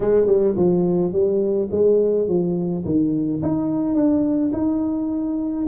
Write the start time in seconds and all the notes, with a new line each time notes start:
0.00 G#3
0.26 G3
0.56 F3
1.12 G3
1.71 G#3
2.28 F3
2.85 D#3
3.42 D#4
3.95 D4
4.52 D#4